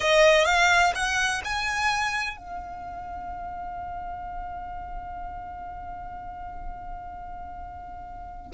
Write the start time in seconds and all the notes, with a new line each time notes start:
0.00 D#5
0.45 F5
0.94 F#5
1.44 G#5
2.36 F5